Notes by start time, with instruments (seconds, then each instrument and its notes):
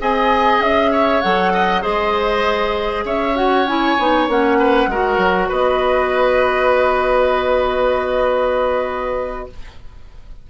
0.00 bassoon C4, clarinet G#4, oboe D#5, flute G#5
0.60 bassoon C#4, flute E5
0.92 oboe C#5
1.21 bassoon F#3, clarinet A4, flute F#5
1.53 oboe D#5
1.82 bassoon G#3, clarinet G#4, oboe C5, flute D#5
3.05 bassoon C#4, oboe C#5, flute E5
3.35 clarinet F#4, flute F#5
3.68 clarinet E4, flute G#5
3.99 bassoon B3, clarinet D#4
4.28 bassoon A#3, clarinet C#4, flute F#5
4.59 oboe B4
4.87 bassoon G#3, clarinet F#4, oboe A#4
5.18 bassoon F#3
5.49 bassoon B3, oboe B4, flute D#5